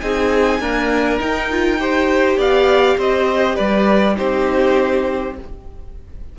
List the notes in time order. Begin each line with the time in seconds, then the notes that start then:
0.00 C4 D#4 G#4 G#5
0.60 A#3 D4 A#4
1.19 D#4 G5
1.50 F4
1.79 G4 C5
2.37 B3 D5 F5
2.97 C4 C5 D#5
3.55 G3 B4 D5
4.16 C4 D#4 G4 C5